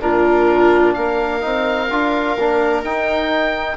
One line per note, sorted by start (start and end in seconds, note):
0.00 0.95 A#2
0.00 1.40 D4
0.00 0.96 F4
0.00 0.94 A#4
0.94 1.44 A#3
0.94 3.77 A#4
0.94 2.81 F5
1.40 1.90 C4
1.40 1.87 D#4
1.90 2.37 D4
1.90 2.37 F4
2.37 2.83 A#3
2.37 2.84 D4
2.83 3.77 D#4
2.83 3.77 G5